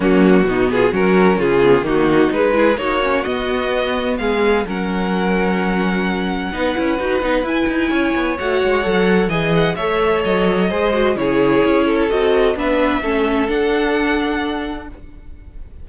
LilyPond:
<<
  \new Staff \with { instrumentName = "violin" } { \time 4/4 \tempo 4 = 129 fis'4. gis'8 ais'4 gis'4 | fis'4 b'4 cis''4 dis''4~ | dis''4 f''4 fis''2~ | fis''1 |
gis''2 fis''2 | gis''8 fis''8 e''4 dis''2 | cis''2 dis''4 e''4~ | e''4 fis''2. | }
  \new Staff \with { instrumentName = "violin" } { \time 4/4 cis'4 dis'8 f'8 fis'4 f'4 | dis'4. gis'8 fis'2~ | fis'4 gis'4 ais'2~ | ais'2 b'2~ |
b'4 cis''2. | dis''4 cis''2 c''4 | gis'4. a'4. b'4 | a'1 | }
  \new Staff \with { instrumentName = "viola" } { \time 4/4 ais4 b4 cis'4. b8 | ais4 gis8 e'8 dis'8 cis'8 b4~ | b2 cis'2~ | cis'2 dis'8 e'8 fis'8 dis'8 |
e'2 fis'4 a'4 | gis'4 a'2 gis'8 fis'8 | e'2 fis'4 d'4 | cis'4 d'2. | }
  \new Staff \with { instrumentName = "cello" } { \time 4/4 fis4 b,4 fis4 cis4 | dis4 gis4 ais4 b4~ | b4 gis4 fis2~ | fis2 b8 cis'8 dis'8 b8 |
e'8 dis'8 cis'8 b8 a8 gis8 fis4 | e4 a4 fis4 gis4 | cis4 cis'4 c'4 b4 | a4 d'2. | }
>>